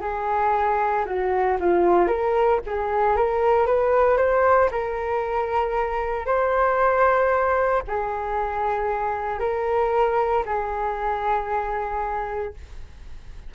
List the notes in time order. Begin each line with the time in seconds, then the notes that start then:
0.00 G#4
1.05 F#4
1.60 F4
2.08 A#4
2.66 G#4
3.16 A#4
3.66 B4
4.17 C5
4.71 A#4
6.26 C5
7.87 G#4
9.39 A#4
10.45 G#4